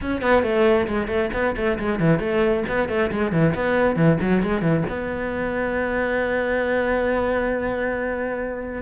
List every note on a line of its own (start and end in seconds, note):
0.01 0.21 C#4
0.21 0.43 B3
0.43 0.87 A3
0.87 1.07 G#3
1.07 1.29 A3
1.33 1.55 B3
1.56 1.78 A3
1.79 1.99 G#3
1.99 2.19 E3
2.19 2.63 A3
2.68 2.88 B3
2.88 3.10 A3
3.11 3.31 G#3
3.31 3.54 E3
3.54 3.96 B3
3.96 4.18 E3
4.21 4.42 F#3
4.42 4.61 G#3
4.61 4.83 E3
4.89 8.82 B3